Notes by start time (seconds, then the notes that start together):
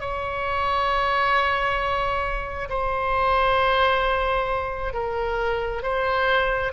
0.00 C#5
2.69 C5
4.93 A#4
5.82 C5